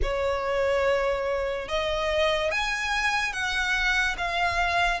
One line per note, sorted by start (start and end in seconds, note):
0.02 1.68 C#5
1.68 2.51 D#5
2.51 3.32 G#5
3.32 4.16 F#5
4.17 5.00 F5